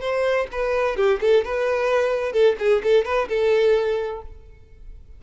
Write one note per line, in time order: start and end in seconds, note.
0.00 0.47 C5
0.52 0.96 B4
0.96 1.19 G4
1.21 1.44 A4
1.44 2.32 B4
2.32 2.55 A4
2.59 2.82 G#4
2.83 3.05 A4
3.05 3.28 B4
3.28 4.21 A4